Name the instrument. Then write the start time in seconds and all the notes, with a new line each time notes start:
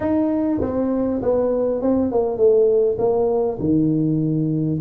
tuba
0.00 D#4
0.61 C4
1.22 B3
1.81 C4
2.11 A#3
2.37 A3
2.98 A#3
3.59 D#3